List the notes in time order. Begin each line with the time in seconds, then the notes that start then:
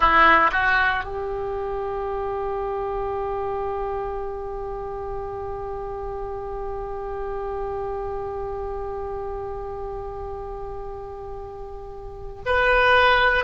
0.00 E4
0.52 F#4
1.03 G4
12.45 B4